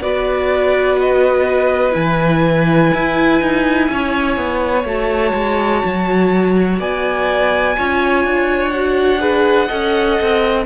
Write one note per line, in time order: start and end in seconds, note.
0.00 1.94 B3
0.00 1.91 F#4
0.00 3.89 B4
0.00 0.99 D5
0.99 1.95 D#5
1.91 2.92 E3
1.91 4.81 E4
1.91 4.85 G#5
2.93 3.41 E4
3.41 3.89 D#4
3.90 4.36 C#4
3.90 6.79 C#5
4.36 4.84 B3
4.84 5.32 A3
4.84 7.76 F#4
4.84 6.80 A5
5.33 5.82 G#3
5.84 6.79 F#3
6.79 7.76 B3
6.79 7.76 D5
6.79 8.70 G#5
7.77 8.24 C#4
7.77 8.73 F4
7.77 9.21 C#5
8.24 9.69 D4
8.70 9.19 F#4
8.70 10.64 F#5
9.19 9.68 G#4
9.19 9.67 B4
9.67 10.20 C#4
9.67 10.66 A4
9.67 10.64 D#5
10.21 10.66 C4